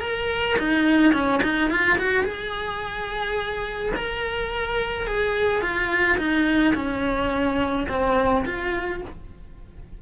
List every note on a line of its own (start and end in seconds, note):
0.00 0.56 A#4
0.59 1.13 D#4
1.13 1.41 C#4
1.43 1.70 D#4
1.70 1.98 F4
1.99 2.24 F#4
2.24 3.93 G#4
3.96 5.07 A#4
5.07 5.62 G#4
5.62 6.18 F4
6.18 6.74 D#4
6.75 7.87 C#4
7.89 8.45 C4
8.45 9.02 F4